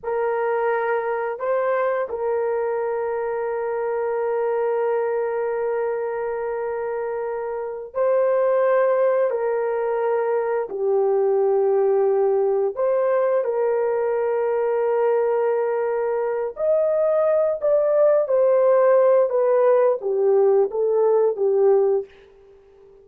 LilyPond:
\new Staff \with { instrumentName = "horn" } { \time 4/4 \tempo 4 = 87 ais'2 c''4 ais'4~ | ais'1~ | ais'2.~ ais'8 c''8~ | c''4. ais'2 g'8~ |
g'2~ g'8 c''4 ais'8~ | ais'1 | dis''4. d''4 c''4. | b'4 g'4 a'4 g'4 | }